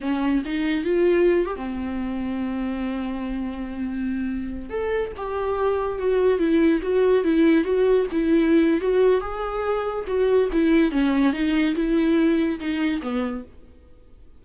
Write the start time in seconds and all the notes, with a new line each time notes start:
0.00 C#4
0.45 D#4
0.84 F4
1.45 G4
1.56 C4
4.69 A4
5.16 G4
5.98 F#4
6.39 E4
6.82 F#4
7.24 E4
7.64 F#4
8.11 E4
8.81 F#4
9.21 G#4
10.07 F#4
10.52 E4
10.91 C#4
11.32 D#4
11.75 E4
12.59 D#4
13.01 B3